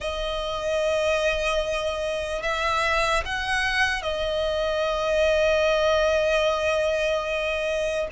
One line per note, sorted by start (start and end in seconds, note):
0.00 2.42 D#5
2.42 3.23 E5
3.25 4.02 F#5
4.02 8.07 D#5